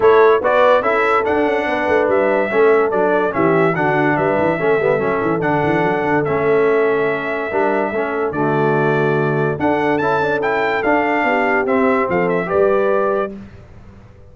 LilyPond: <<
  \new Staff \with { instrumentName = "trumpet" } { \time 4/4 \tempo 4 = 144 cis''4 d''4 e''4 fis''4~ | fis''4 e''2 d''4 | e''4 fis''4 e''2~ | e''4 fis''2 e''4~ |
e''1 | d''2. fis''4 | a''4 g''4 f''2 | e''4 f''8 e''8 d''2 | }
  \new Staff \with { instrumentName = "horn" } { \time 4/4 a'4 b'4 a'2 | b'2 a'2 | g'4 fis'4 b'4 a'4~ | a'1~ |
a'2 ais'4 a'4 | fis'2. a'4~ | a'2. g'4~ | g'4 a'4 b'2 | }
  \new Staff \with { instrumentName = "trombone" } { \time 4/4 e'4 fis'4 e'4 d'4~ | d'2 cis'4 d'4 | cis'4 d'2 cis'8 b8 | cis'4 d'2 cis'4~ |
cis'2 d'4 cis'4 | a2. d'4 | e'8 d'8 e'4 d'2 | c'2 g'2 | }
  \new Staff \with { instrumentName = "tuba" } { \time 4/4 a4 b4 cis'4 d'8 cis'8 | b8 a8 g4 a4 fis4 | e4 d4 g8 e8 a8 g8 | fis8 e8 d8 e8 fis8 d8 a4~ |
a2 g4 a4 | d2. d'4 | cis'2 d'4 b4 | c'4 f4 g2 | }
>>